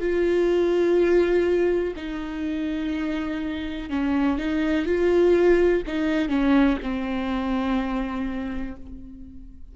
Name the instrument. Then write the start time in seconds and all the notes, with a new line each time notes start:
viola
0.00 F4
1.96 D#4
3.89 C#4
4.38 D#4
4.86 F4
5.87 D#4
6.29 C#4
6.82 C4